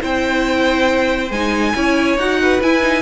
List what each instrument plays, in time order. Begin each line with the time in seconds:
0.00 cello C4, viola E4, violin C5 G5
1.30 cello G#3, viola D#4, violin G#5
1.74 cello C#4, viola E4, violin C#5
2.17 cello D#4, viola F#4, violin F#5
2.42 violin B4
2.62 viola E4, cello E4, violin G#5
2.81 viola D#4